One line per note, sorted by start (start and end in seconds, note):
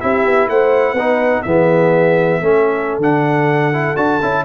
0.00 0.25 C4
0.00 0.97 E4
0.00 0.49 G4
0.00 0.48 E5
0.25 0.48 B3
0.48 0.93 A3
0.48 0.93 C5
0.48 1.42 F#5
0.93 1.41 B3
0.93 1.46 D#4
0.93 1.41 B4
1.42 2.41 E3
1.42 2.42 B3
1.42 2.42 G#4
1.42 2.98 E5
2.41 2.98 A3
2.41 3.01 C#4
2.41 4.45 A4
2.98 3.94 D3
2.98 3.73 D4
2.98 3.96 F#5
3.73 3.96 E4
3.96 4.20 D4
3.96 4.20 F#4
3.96 4.44 A5
4.22 4.45 C#4
4.22 4.45 E4